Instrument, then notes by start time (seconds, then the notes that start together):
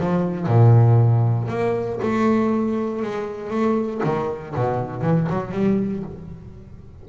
double bass
0.00 F3
0.47 A#2
1.49 A#3
2.02 A3
3.03 G#3
3.50 A3
4.04 D#3
4.56 B2
5.02 E3
5.30 F#3
5.52 G3